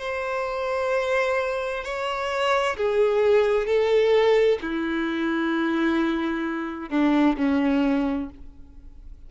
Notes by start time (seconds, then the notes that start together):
0.00 C5
1.85 C#5
2.77 G#4
3.67 A4
4.62 E4
6.90 D4
7.38 C#4